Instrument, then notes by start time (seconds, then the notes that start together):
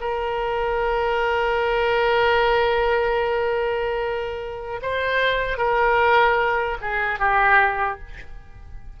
oboe
0.00 A#4
4.82 C5
5.57 A#4
6.81 G#4
7.19 G4